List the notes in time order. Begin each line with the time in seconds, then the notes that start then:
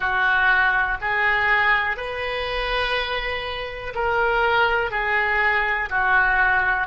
0.00 F#4
1.01 G#4
1.96 B4
3.94 A#4
4.90 G#4
5.89 F#4